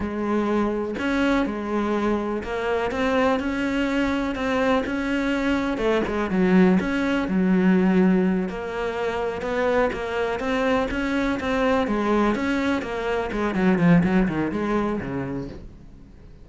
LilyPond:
\new Staff \with { instrumentName = "cello" } { \time 4/4 \tempo 4 = 124 gis2 cis'4 gis4~ | gis4 ais4 c'4 cis'4~ | cis'4 c'4 cis'2 | a8 gis8 fis4 cis'4 fis4~ |
fis4. ais2 b8~ | b8 ais4 c'4 cis'4 c'8~ | c'8 gis4 cis'4 ais4 gis8 | fis8 f8 fis8 dis8 gis4 cis4 | }